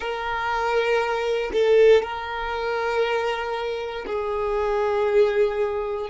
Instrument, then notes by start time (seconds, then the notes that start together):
violin
0.00 A#4
1.53 A4
2.02 A#4
4.06 G#4